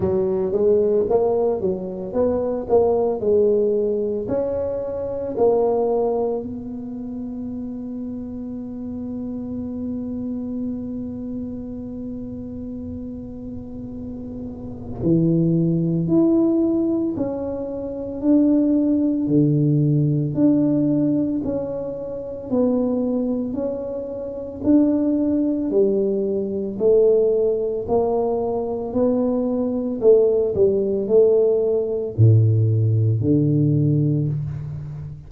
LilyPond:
\new Staff \with { instrumentName = "tuba" } { \time 4/4 \tempo 4 = 56 fis8 gis8 ais8 fis8 b8 ais8 gis4 | cis'4 ais4 b2~ | b1~ | b2 e4 e'4 |
cis'4 d'4 d4 d'4 | cis'4 b4 cis'4 d'4 | g4 a4 ais4 b4 | a8 g8 a4 a,4 d4 | }